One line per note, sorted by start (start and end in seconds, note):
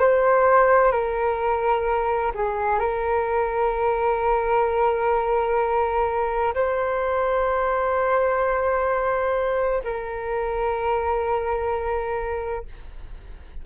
0.00 0.92 C5
0.92 2.33 A#4
2.35 2.80 G#4
2.80 6.55 A#4
6.55 9.83 C5
9.84 12.66 A#4